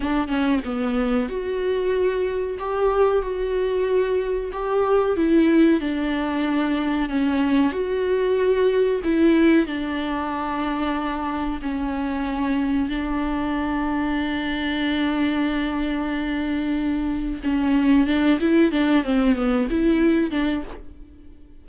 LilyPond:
\new Staff \with { instrumentName = "viola" } { \time 4/4 \tempo 4 = 93 d'8 cis'8 b4 fis'2 | g'4 fis'2 g'4 | e'4 d'2 cis'4 | fis'2 e'4 d'4~ |
d'2 cis'2 | d'1~ | d'2. cis'4 | d'8 e'8 d'8 c'8 b8 e'4 d'8 | }